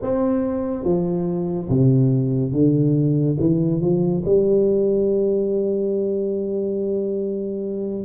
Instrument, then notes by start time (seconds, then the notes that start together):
tuba
0.02 C4
0.84 F3
1.69 C3
2.52 D3
3.39 E3
3.80 F3
4.25 G3